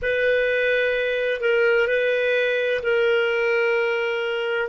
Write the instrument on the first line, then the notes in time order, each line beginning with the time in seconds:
clarinet
0.02 B4
1.41 A#4
1.87 B4
2.83 A#4